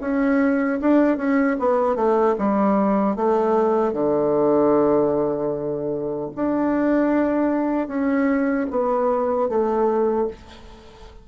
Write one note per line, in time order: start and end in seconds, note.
0.00 0.79 C#4
0.81 1.17 D4
1.17 1.56 C#4
1.59 1.95 B3
1.95 2.35 A3
2.38 3.15 G3
3.15 3.93 A3
3.93 6.29 D3
6.35 7.87 D4
7.87 8.66 C#4
8.70 9.48 B3
9.48 10.27 A3